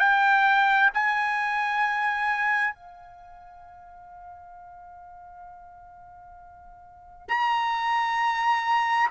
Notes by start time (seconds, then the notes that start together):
0.00 G5
0.94 G#5
2.75 F5
7.29 A#5